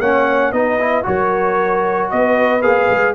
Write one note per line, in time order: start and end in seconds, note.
0.00 0.53 A#3
0.00 0.54 C#4
0.00 0.53 C#5
0.00 0.53 F#5
0.53 1.05 B3
0.53 0.80 D#4
0.53 1.07 B4
0.53 1.05 D#5
0.80 1.03 E4
1.03 2.13 F#3
1.03 2.61 F#4
1.03 2.12 A#4
1.03 2.11 C#5
2.11 2.63 B3
2.11 3.15 B4
2.11 2.62 D#5
2.62 2.89 A#3
2.62 3.15 G#4
2.62 3.15 F5
2.90 3.15 G#3